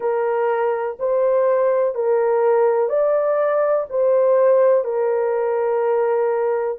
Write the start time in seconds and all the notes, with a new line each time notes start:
0.00 A#4
0.99 C5
1.94 A#4
2.89 D5
3.89 C5
4.84 A#4